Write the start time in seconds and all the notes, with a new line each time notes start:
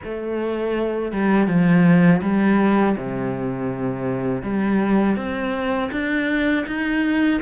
0.04 A3
1.12 G3
1.47 F3
2.22 G3
2.97 C3
4.42 G3
5.16 C4
5.91 D4
6.67 D#4